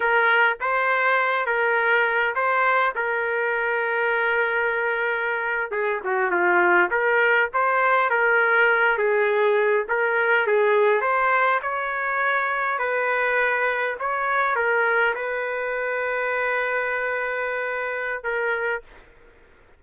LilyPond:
\new Staff \with { instrumentName = "trumpet" } { \time 4/4 \tempo 4 = 102 ais'4 c''4. ais'4. | c''4 ais'2.~ | ais'4.~ ais'16 gis'8 fis'8 f'4 ais'16~ | ais'8. c''4 ais'4. gis'8.~ |
gis'8. ais'4 gis'4 c''4 cis''16~ | cis''4.~ cis''16 b'2 cis''16~ | cis''8. ais'4 b'2~ b'16~ | b'2. ais'4 | }